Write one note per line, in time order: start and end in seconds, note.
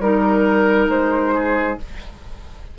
0.00 0.88 G3
0.00 1.78 D#4
0.00 0.89 A#4
0.00 1.35 A#4
0.89 1.78 G#3
0.89 1.78 C5
1.35 1.79 G#4